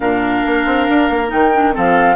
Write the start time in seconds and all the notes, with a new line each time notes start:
0.00 A#2 D4 A#4 F5
0.45 A#3
0.65 C4
0.88 D4
1.09 A#3
1.27 D#3 D#4 G5
1.54 D4
1.72 F3 C4 A4 F5